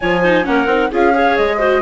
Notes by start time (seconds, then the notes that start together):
0.00 F3 F4 C#5 G#5
0.22 D#4 C5
0.43 A#3 C#4 A#4 F#5
0.66 C4 D#4
0.90 C#4 F4 G#4 F5
1.13 G#4 C#5
1.37 G#3 D#5
1.58 F#4 C5